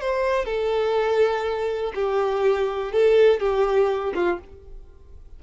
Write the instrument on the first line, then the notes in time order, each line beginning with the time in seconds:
violin
0.00 C5
0.45 A4
1.95 G4
2.92 A4
3.40 G4
4.14 F4